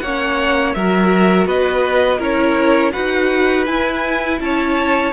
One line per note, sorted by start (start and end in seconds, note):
0.00 0.75 A#3
0.00 0.76 C#5
0.00 0.73 F#5
0.06 0.76 C#4
0.74 1.46 F#3
0.74 2.19 F#4
0.74 1.47 A#4
0.74 1.47 E5
1.46 2.19 B3
1.46 2.19 B4
1.46 2.22 D#5
2.19 2.93 C#4
2.19 2.93 E4
2.19 2.92 A#4
2.19 2.93 C#5
2.93 3.67 D#4
2.93 3.66 F#4
2.93 4.39 B4
2.93 3.66 F#5
3.66 4.41 E4
3.66 5.13 E4
3.66 4.39 G#5
4.41 5.13 C#4
4.41 5.13 C#5
4.41 5.13 A5